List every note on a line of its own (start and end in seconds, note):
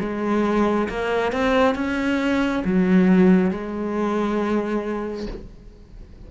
0.00 0.88 G#3
0.89 1.32 A#3
1.32 1.75 C4
1.75 2.63 C#4
2.65 3.51 F#3
3.51 5.27 G#3